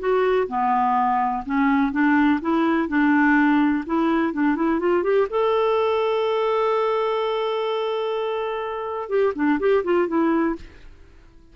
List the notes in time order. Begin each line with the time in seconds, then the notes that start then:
0.00 F#4
0.48 B3
1.46 C#4
1.93 D4
2.42 E4
2.89 D4
3.86 E4
4.34 D4
4.56 E4
4.80 F4
5.04 G4
5.30 A4
9.10 G4
9.36 D4
9.60 G4
9.84 F4
10.08 E4